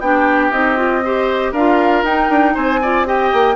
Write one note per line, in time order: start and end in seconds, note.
0.00 0.51 B3
0.00 0.52 D4
0.00 1.04 G4
0.00 0.51 G5
0.51 1.52 C4
0.51 0.76 D#4
0.51 1.53 D#5
0.76 1.02 F4
1.04 1.56 G4
1.04 1.52 C5
1.52 2.03 D4
1.52 2.06 F4
1.52 2.54 A#4
1.52 2.04 F5
2.03 2.28 D#4
2.03 2.82 D#4
2.03 2.55 G5
2.30 2.55 D4
2.54 3.33 C4
2.54 2.80 C5
2.54 3.06 G#5
2.82 3.06 F4
2.82 3.07 D5
3.06 3.56 G4
3.06 3.56 D#5
3.06 3.56 G5
3.33 3.56 A#3